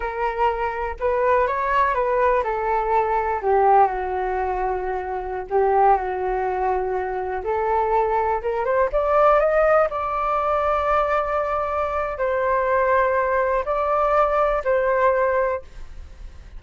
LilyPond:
\new Staff \with { instrumentName = "flute" } { \time 4/4 \tempo 4 = 123 ais'2 b'4 cis''4 | b'4 a'2 g'4 | fis'2.~ fis'16 g'8.~ | g'16 fis'2. a'8.~ |
a'4~ a'16 ais'8 c''8 d''4 dis''8.~ | dis''16 d''2.~ d''8.~ | d''4 c''2. | d''2 c''2 | }